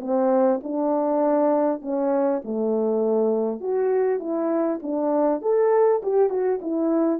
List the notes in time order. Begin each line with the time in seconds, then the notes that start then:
0.00 C4
0.63 D4
1.81 C#4
2.44 A3
3.60 F#4
4.19 E4
4.82 D4
5.41 A4
6.02 G4
6.29 F#4
6.61 E4